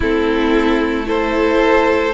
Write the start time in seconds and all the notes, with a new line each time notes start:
0.00 A3 C4 E4 A4
1.04 E4 A4 C5